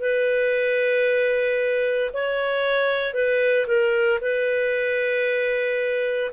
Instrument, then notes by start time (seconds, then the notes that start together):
clarinet
0.00 B4
2.13 C#5
3.13 B4
3.67 A#4
4.21 B4